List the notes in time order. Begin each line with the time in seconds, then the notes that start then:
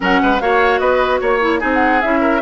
0.00 F#3 C#4 A#4 F#5
0.22 G#3 B4
0.40 A#3 F#4 C#5 F5
0.79 B3 B4 D#5
1.20 A#3 C#5
1.41 E4
1.59 C4 D#4 G#4 G#5
1.73 F#5
2.01 C#4 E4 E5
2.20 A#4